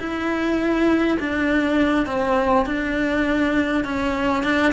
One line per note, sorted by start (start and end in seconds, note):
0.00 1.19 E4
1.20 2.07 D4
2.07 2.66 C4
2.66 3.85 D4
3.85 4.44 C#4
4.44 4.74 D4